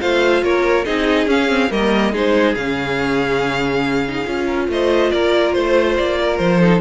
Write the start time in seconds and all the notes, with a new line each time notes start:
0.00 A3 F4 C5 F5
0.42 A#3 A#4 C#5
0.85 C4 D#4 G#4 D#5
1.26 C#4 F5
1.49 C4
1.70 G3 A#3 A#4 D#5
2.12 G#3 D#4 G#4 C5
2.55 C#3 C#4 F5
4.08 D#4
4.25 C#4 F4
4.45 A#4
4.68 A3 C5 D#5
5.11 A#3 A#4 D5
5.52 A3 C5
5.96 A#3 D5
6.20 A#4
6.37 F3 C5
6.60 D#4 A4